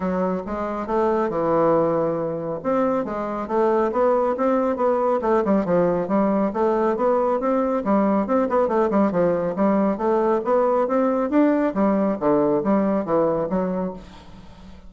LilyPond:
\new Staff \with { instrumentName = "bassoon" } { \time 4/4 \tempo 4 = 138 fis4 gis4 a4 e4~ | e2 c'4 gis4 | a4 b4 c'4 b4 | a8 g8 f4 g4 a4 |
b4 c'4 g4 c'8 b8 | a8 g8 f4 g4 a4 | b4 c'4 d'4 g4 | d4 g4 e4 fis4 | }